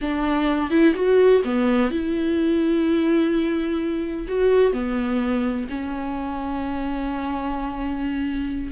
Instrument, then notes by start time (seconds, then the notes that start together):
viola
0.01 D4
0.70 E4
0.94 F#4
1.44 B3
1.90 E4
4.28 F#4
4.72 B3
5.69 C#4